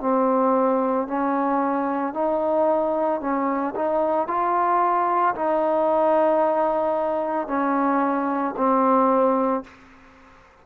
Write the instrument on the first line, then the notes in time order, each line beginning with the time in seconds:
trombone
0.00 C4
1.07 C#4
2.14 D#4
3.20 C#4
3.75 D#4
4.28 F4
5.35 D#4
7.47 C#4
8.57 C4